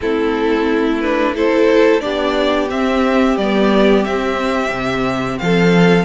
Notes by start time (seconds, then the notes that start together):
0.00 A3 C4 E4 A4
1.01 D4 B4
1.34 E4 A4 C5
2.00 B3 D4 G4 D5
2.70 C4 E5
3.37 G3 B3 D5
4.04 C4 E5
4.70 C3
5.38 F3 A4 F5